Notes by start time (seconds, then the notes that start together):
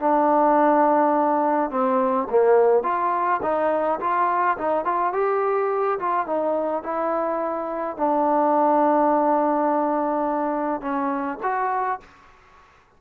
0.00 D4
1.71 C4
2.30 A#3
2.84 F4
3.43 D#4
4.01 F4
4.58 D#4
4.85 F4
5.14 G4
5.99 F4
6.27 D#4
6.84 E4
7.97 D4
10.82 C#4
11.43 F#4